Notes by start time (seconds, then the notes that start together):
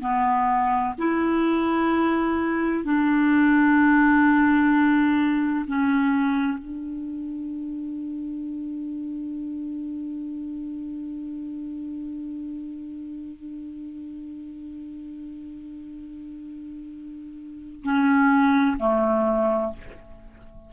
0.00 B3
0.98 E4
2.84 D4
5.68 C#4
6.58 D4
17.83 C#4
18.79 A3